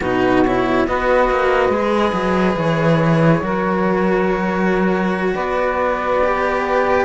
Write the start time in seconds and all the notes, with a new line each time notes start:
0.00 B2 D#4 F#4 B4
0.45 E4 C#5
0.86 B3 F#4 B4 D#5
1.29 A#3
1.69 G#3 G#4
2.12 F#3
2.56 E3 C#5
3.41 F#3 F#4 A#4
5.34 B3 B4 D5
6.24 G4